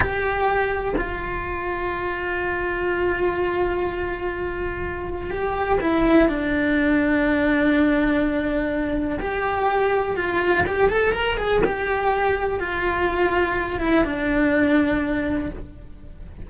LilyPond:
\new Staff \with { instrumentName = "cello" } { \time 4/4 \tempo 4 = 124 g'2 f'2~ | f'1~ | f'2. g'4 | e'4 d'2.~ |
d'2. g'4~ | g'4 f'4 g'8 a'8 ais'8 gis'8 | g'2 f'2~ | f'8 e'8 d'2. | }